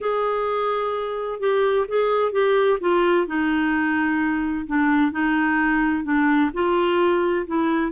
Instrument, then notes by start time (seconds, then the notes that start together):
clarinet
0.01 G#4
1.40 G4
1.88 G#4
2.32 G4
2.80 F4
3.27 D#4
4.67 D4
5.11 D#4
6.04 D4
6.53 F4
7.46 E4